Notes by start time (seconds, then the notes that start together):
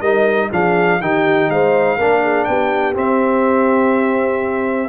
0.00 G3 D#4 A#4 D#5
0.52 F3 D4 G#4 F5
1.01 D#3 D#4 G4 G5
1.49 G#3 C5 F5
1.97 A#3 D4 A#4
2.23 G#4
2.44 B3 G4 G5
2.94 C4 E5